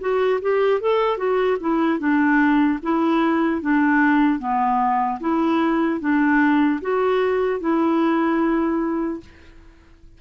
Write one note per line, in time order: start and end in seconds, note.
0.00 0.40 F#4
0.41 0.80 G4
0.80 1.17 A4
1.17 1.57 F#4
1.60 1.99 E4
1.99 2.79 D4
2.82 3.61 E4
3.61 4.39 D4
4.39 5.19 B3
5.20 6.00 E4
6.00 6.80 D4
6.81 7.60 F#4
7.60 9.20 E4